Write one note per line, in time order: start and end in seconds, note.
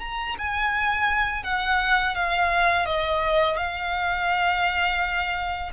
0.00 0.36 A#5
0.38 1.44 G#5
1.44 2.15 F#5
2.15 2.86 F5
2.86 3.57 D#5
3.57 5.71 F5